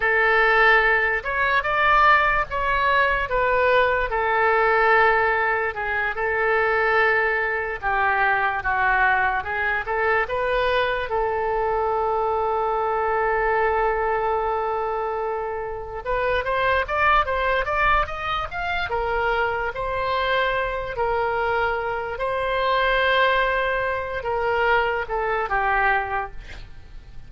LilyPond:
\new Staff \with { instrumentName = "oboe" } { \time 4/4 \tempo 4 = 73 a'4. cis''8 d''4 cis''4 | b'4 a'2 gis'8 a'8~ | a'4. g'4 fis'4 gis'8 | a'8 b'4 a'2~ a'8~ |
a'2.~ a'8 b'8 | c''8 d''8 c''8 d''8 dis''8 f''8 ais'4 | c''4. ais'4. c''4~ | c''4. ais'4 a'8 g'4 | }